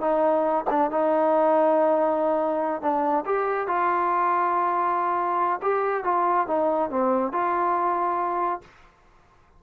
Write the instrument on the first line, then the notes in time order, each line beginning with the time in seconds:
trombone
0.00 D#4
0.70 D4
0.90 D#4
2.81 D4
3.25 G4
3.67 F4
5.62 G4
6.04 F4
6.47 D#4
6.89 C4
7.32 F4